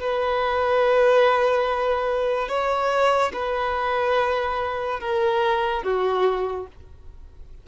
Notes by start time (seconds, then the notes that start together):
0.00 B4
2.48 C#5
3.33 B4
5.00 A#4
5.83 F#4